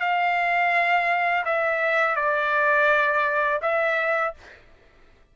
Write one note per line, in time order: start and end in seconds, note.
0.00 1.45 F5
1.46 2.16 E5
2.16 3.61 D5
3.62 4.35 E5